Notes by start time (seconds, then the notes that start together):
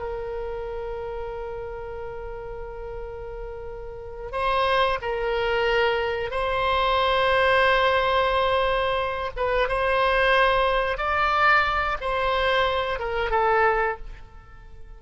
0.00 A#4
4.32 C5
5.02 A#4
6.31 C5
9.37 B4
9.69 C5
10.98 D5
12.01 C5
12.99 A#4
13.31 A4